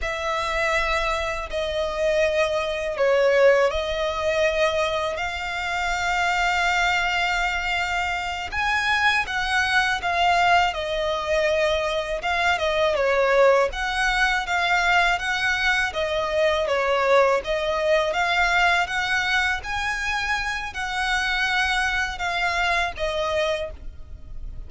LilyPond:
\new Staff \with { instrumentName = "violin" } { \time 4/4 \tempo 4 = 81 e''2 dis''2 | cis''4 dis''2 f''4~ | f''2.~ f''8 gis''8~ | gis''8 fis''4 f''4 dis''4.~ |
dis''8 f''8 dis''8 cis''4 fis''4 f''8~ | f''8 fis''4 dis''4 cis''4 dis''8~ | dis''8 f''4 fis''4 gis''4. | fis''2 f''4 dis''4 | }